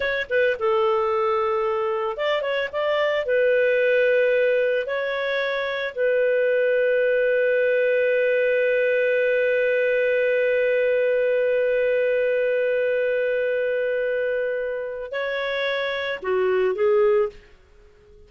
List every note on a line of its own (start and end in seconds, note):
0.00 0.27 C#5
0.29 0.56 B4
0.59 2.16 A4
2.16 2.41 D5
2.41 2.68 C#5
2.72 3.25 D5
3.25 4.86 B4
4.86 5.94 C#5
5.95 15.11 B4
15.11 16.19 C#5
16.22 16.75 F#4
16.75 17.29 G#4